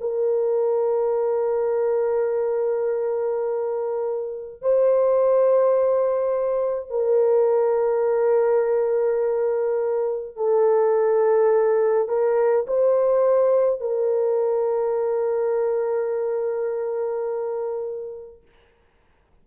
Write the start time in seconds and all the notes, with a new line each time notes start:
0.00 A#4
4.62 C5
6.90 A#4
10.36 A4
12.08 A#4
12.67 C5
13.80 A#4